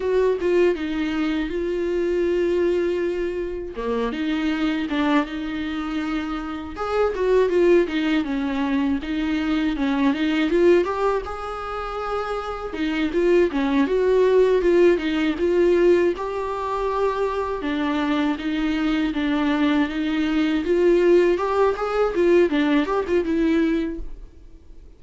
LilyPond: \new Staff \with { instrumentName = "viola" } { \time 4/4 \tempo 4 = 80 fis'8 f'8 dis'4 f'2~ | f'4 ais8 dis'4 d'8 dis'4~ | dis'4 gis'8 fis'8 f'8 dis'8 cis'4 | dis'4 cis'8 dis'8 f'8 g'8 gis'4~ |
gis'4 dis'8 f'8 cis'8 fis'4 f'8 | dis'8 f'4 g'2 d'8~ | d'8 dis'4 d'4 dis'4 f'8~ | f'8 g'8 gis'8 f'8 d'8 g'16 f'16 e'4 | }